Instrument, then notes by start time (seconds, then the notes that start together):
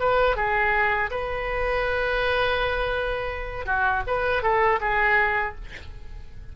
oboe
0.00 B4
0.36 G#4
1.10 B4
3.66 F#4
4.07 B4
4.43 A4
4.81 G#4